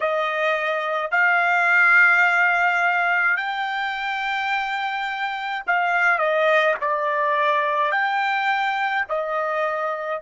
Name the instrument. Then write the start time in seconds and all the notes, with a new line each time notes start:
trumpet
0.00 D#5
1.11 F5
3.37 G5
5.66 F5
6.18 D#5
6.80 D5
7.91 G5
9.09 D#5